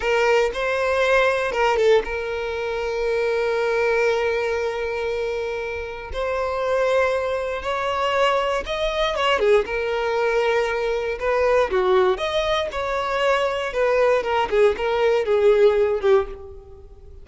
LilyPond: \new Staff \with { instrumentName = "violin" } { \time 4/4 \tempo 4 = 118 ais'4 c''2 ais'8 a'8 | ais'1~ | ais'1 | c''2. cis''4~ |
cis''4 dis''4 cis''8 gis'8 ais'4~ | ais'2 b'4 fis'4 | dis''4 cis''2 b'4 | ais'8 gis'8 ais'4 gis'4. g'8 | }